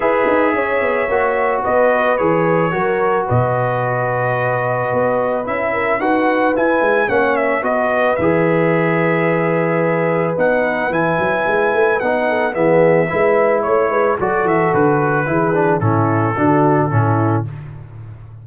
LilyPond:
<<
  \new Staff \with { instrumentName = "trumpet" } { \time 4/4 \tempo 4 = 110 e''2. dis''4 | cis''2 dis''2~ | dis''2 e''4 fis''4 | gis''4 fis''8 e''8 dis''4 e''4~ |
e''2. fis''4 | gis''2 fis''4 e''4~ | e''4 cis''4 d''8 e''8 b'4~ | b'4 a'2. | }
  \new Staff \with { instrumentName = "horn" } { \time 4/4 b'4 cis''2 b'4~ | b'4 ais'4 b'2~ | b'2~ b'8 ais'8 b'4~ | b'4 cis''4 b'2~ |
b'1~ | b'2~ b'8 a'8 gis'4 | b'4 cis''8 b'8 a'2 | gis'4 e'4 fis'4 e'4 | }
  \new Staff \with { instrumentName = "trombone" } { \time 4/4 gis'2 fis'2 | gis'4 fis'2.~ | fis'2 e'4 fis'4 | e'4 cis'4 fis'4 gis'4~ |
gis'2. dis'4 | e'2 dis'4 b4 | e'2 fis'2 | e'8 d'8 cis'4 d'4 cis'4 | }
  \new Staff \with { instrumentName = "tuba" } { \time 4/4 e'8 dis'8 cis'8 b8 ais4 b4 | e4 fis4 b,2~ | b,4 b4 cis'4 dis'4 | e'8 gis8 ais4 b4 e4~ |
e2. b4 | e8 fis8 gis8 a8 b4 e4 | gis4 a8 gis8 fis8 e8 d4 | e4 a,4 d4 a,4 | }
>>